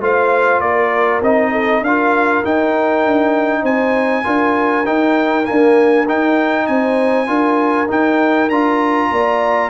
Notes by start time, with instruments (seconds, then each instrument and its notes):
0.00 tuba A3, trombone F4, horn C5, trumpet F5
0.59 tuba A#3, horn A#4, trumpet D5
1.21 tuba C4, trombone D#4, trumpet D#5
1.51 horn A4
1.81 tuba D4, trombone F4, horn A#4, trumpet F5
2.44 trombone D#4, tuba D#4, trumpet G5
3.05 tuba D4
3.62 tuba C4, horn C5, trumpet G#5
4.24 tuba D4, trombone F4, horn A#4
4.86 trombone D#4, tuba D#4, trumpet G5
5.44 trombone A#3, trumpet G#5
5.50 tuba D4
6.08 tuba D#4, trombone D#4, trumpet G5
6.67 tuba C4, horn C5, trumpet G#5
7.26 tuba D4, trombone F4, horn A#4
7.88 trombone D#4, tuba D#4, trumpet G5
8.49 tuba D4, trombone F4, trumpet A#5
9.11 tuba A#3, horn D5